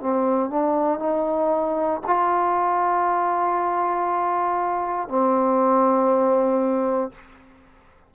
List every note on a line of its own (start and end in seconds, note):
0.00 0.50 C4
0.50 0.99 D4
0.99 2.01 D#4
2.06 5.08 F4
5.08 7.11 C4